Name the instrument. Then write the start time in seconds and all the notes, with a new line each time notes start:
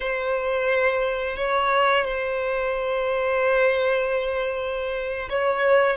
violin
0.00 C5
1.36 C#5
2.05 C5
5.29 C#5